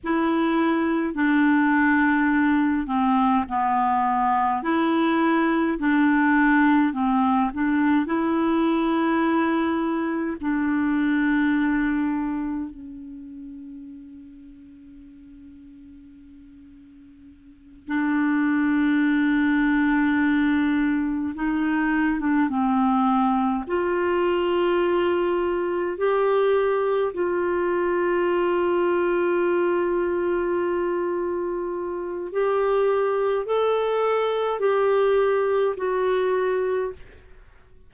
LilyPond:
\new Staff \with { instrumentName = "clarinet" } { \time 4/4 \tempo 4 = 52 e'4 d'4. c'8 b4 | e'4 d'4 c'8 d'8 e'4~ | e'4 d'2 cis'4~ | cis'2.~ cis'8 d'8~ |
d'2~ d'8 dis'8. d'16 c'8~ | c'8 f'2 g'4 f'8~ | f'1 | g'4 a'4 g'4 fis'4 | }